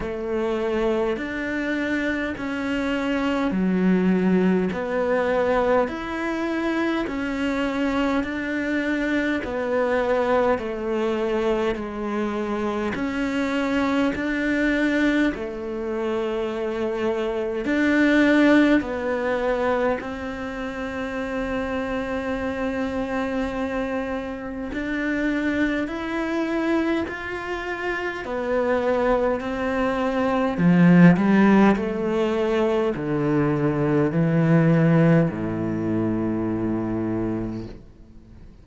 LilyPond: \new Staff \with { instrumentName = "cello" } { \time 4/4 \tempo 4 = 51 a4 d'4 cis'4 fis4 | b4 e'4 cis'4 d'4 | b4 a4 gis4 cis'4 | d'4 a2 d'4 |
b4 c'2.~ | c'4 d'4 e'4 f'4 | b4 c'4 f8 g8 a4 | d4 e4 a,2 | }